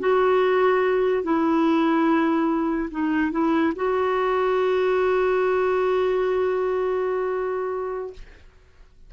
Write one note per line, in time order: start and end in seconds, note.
0.00 1.23 F#4
1.23 2.90 E4
2.91 3.32 D#4
3.32 3.74 E4
3.76 8.13 F#4